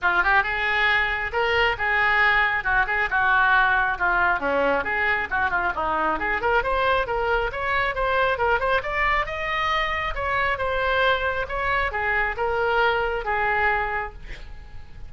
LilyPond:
\new Staff \with { instrumentName = "oboe" } { \time 4/4 \tempo 4 = 136 f'8 g'8 gis'2 ais'4 | gis'2 fis'8 gis'8 fis'4~ | fis'4 f'4 cis'4 gis'4 | fis'8 f'8 dis'4 gis'8 ais'8 c''4 |
ais'4 cis''4 c''4 ais'8 c''8 | d''4 dis''2 cis''4 | c''2 cis''4 gis'4 | ais'2 gis'2 | }